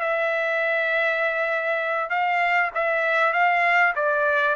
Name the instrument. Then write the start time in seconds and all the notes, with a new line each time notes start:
trumpet
0.00 E5
2.10 F5
2.74 E5
3.33 F5
3.95 D5